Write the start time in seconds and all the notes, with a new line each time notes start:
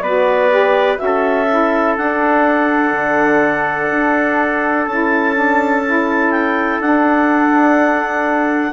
0.00 B3 F#4 B4 D5
0.49 G4
0.97 C#4 F#4 E5
1.05 A4
1.49 E4
1.97 D4 F#5
2.92 D3
3.91 D4
4.86 C#4 E4 A5
5.34 D4
5.85 E4
6.31 G5
6.79 D4 F#5